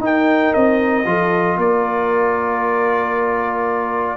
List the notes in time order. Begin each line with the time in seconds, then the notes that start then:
0.00 D#4 A#4 G5
0.54 C4 D#5
1.06 F3 F4 A4
1.58 A#3 A#4 D5